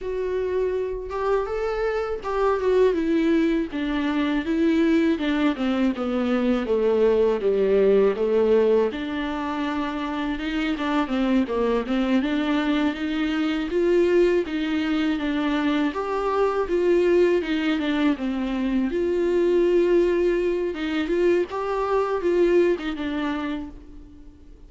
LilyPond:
\new Staff \with { instrumentName = "viola" } { \time 4/4 \tempo 4 = 81 fis'4. g'8 a'4 g'8 fis'8 | e'4 d'4 e'4 d'8 c'8 | b4 a4 g4 a4 | d'2 dis'8 d'8 c'8 ais8 |
c'8 d'4 dis'4 f'4 dis'8~ | dis'8 d'4 g'4 f'4 dis'8 | d'8 c'4 f'2~ f'8 | dis'8 f'8 g'4 f'8. dis'16 d'4 | }